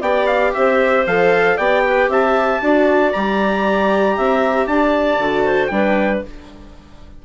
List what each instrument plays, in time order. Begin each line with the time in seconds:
0.00 bassoon B3, viola G4, clarinet D5, trumpet G5
0.26 trumpet F5
0.53 bassoon C4, clarinet C5, trumpet E5
1.06 bassoon F3, viola A4, trumpet F5
1.56 bassoon B3, viola G4, clarinet D5, trumpet G5
1.86 clarinet B4
2.08 bassoon C4, clarinet E5, trumpet A5
2.61 bassoon D4, viola F#4, clarinet D5
3.12 bassoon G3, viola G4, trumpet A#5
4.16 bassoon C4, clarinet E5
4.67 bassoon D4, clarinet D5, trumpet A5
5.18 bassoon D3, viola F#4
5.44 clarinet C5
5.66 bassoon G3, viola D4, trumpet G5
5.73 clarinet B4